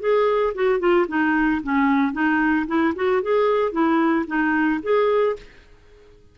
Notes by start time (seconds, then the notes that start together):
0.00 G#4
0.55 F#4
0.80 F4
1.08 D#4
1.63 C#4
2.13 D#4
2.67 E4
2.96 F#4
3.22 G#4
3.72 E4
4.27 D#4
4.83 G#4